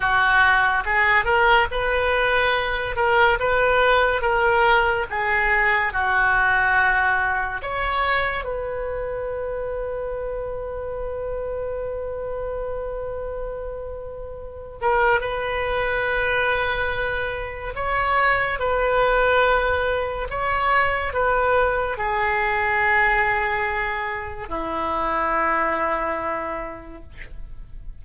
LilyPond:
\new Staff \with { instrumentName = "oboe" } { \time 4/4 \tempo 4 = 71 fis'4 gis'8 ais'8 b'4. ais'8 | b'4 ais'4 gis'4 fis'4~ | fis'4 cis''4 b'2~ | b'1~ |
b'4. ais'8 b'2~ | b'4 cis''4 b'2 | cis''4 b'4 gis'2~ | gis'4 e'2. | }